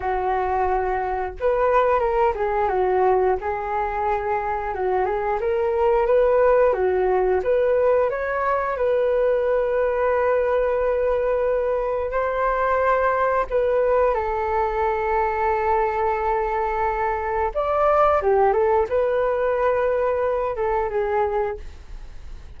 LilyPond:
\new Staff \with { instrumentName = "flute" } { \time 4/4 \tempo 4 = 89 fis'2 b'4 ais'8 gis'8 | fis'4 gis'2 fis'8 gis'8 | ais'4 b'4 fis'4 b'4 | cis''4 b'2.~ |
b'2 c''2 | b'4 a'2.~ | a'2 d''4 g'8 a'8 | b'2~ b'8 a'8 gis'4 | }